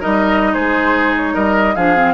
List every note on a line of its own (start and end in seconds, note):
0.00 0.55 G3
0.00 1.74 D#4
0.00 0.51 A#4
0.00 0.53 D#5
0.53 1.35 G#3
0.53 1.34 G#4
0.53 1.14 C5
1.17 1.34 C#5
1.34 1.76 G3
1.34 1.75 A#4
1.34 1.75 D#5
1.75 2.14 F3
1.75 1.96 D4
1.75 2.14 G#4
1.75 2.14 F5
1.96 2.14 C4